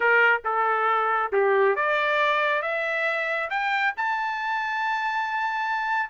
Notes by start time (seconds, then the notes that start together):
0.00 A#4
0.44 A4
1.32 G4
1.75 D5
2.62 E5
3.50 G5
3.96 A5